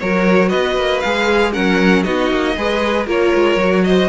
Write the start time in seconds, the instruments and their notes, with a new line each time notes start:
0.00 cello F#3, viola F#4, violin A#4 C#5
0.49 cello B3, violin B4 D#5
0.77 cello A#3
1.01 cello G#3, viola G#4, violin F5
1.52 cello F#3, viola C#4, violin A#4 F#5
2.03 cello B3, viola D#4, violin F#4 D#5
2.30 cello A#3
2.57 cello G#3, viola G#4, violin B4
3.07 cello A#3, viola F4, violin A#4 C#5
3.35 cello G#3
3.56 cello F#3, viola F#4
3.85 violin C5 D#5